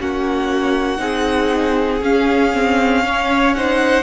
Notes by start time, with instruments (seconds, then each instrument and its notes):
0.00 cello A#3, viola C#4, violin F#4 F#5
0.98 cello C4, viola D#4, violin G#4
2.01 cello C#4, viola C#4, violin F5
2.54 viola C4
3.05 viola C#4, violin C#5
3.55 viola D#4, violin C5 F#5